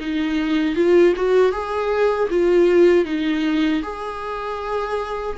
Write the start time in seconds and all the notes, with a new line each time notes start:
0.00 D#4
0.76 F4
1.17 F#4
1.52 G#4
2.30 F4
3.05 D#4
3.83 G#4